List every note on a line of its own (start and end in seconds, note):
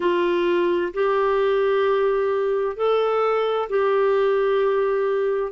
0.00 0.92 F4
0.93 2.76 G4
2.76 3.68 A4
3.69 5.52 G4